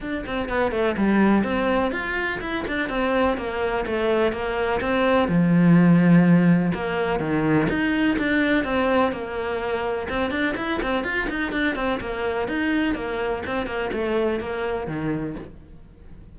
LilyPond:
\new Staff \with { instrumentName = "cello" } { \time 4/4 \tempo 4 = 125 d'8 c'8 b8 a8 g4 c'4 | f'4 e'8 d'8 c'4 ais4 | a4 ais4 c'4 f4~ | f2 ais4 dis4 |
dis'4 d'4 c'4 ais4~ | ais4 c'8 d'8 e'8 c'8 f'8 dis'8 | d'8 c'8 ais4 dis'4 ais4 | c'8 ais8 a4 ais4 dis4 | }